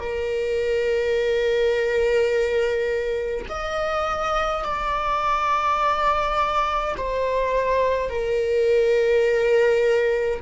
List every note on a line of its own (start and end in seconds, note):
0.00 3.46 A#4
3.49 4.65 D#5
4.65 6.95 D5
6.98 8.10 C5
8.10 10.41 A#4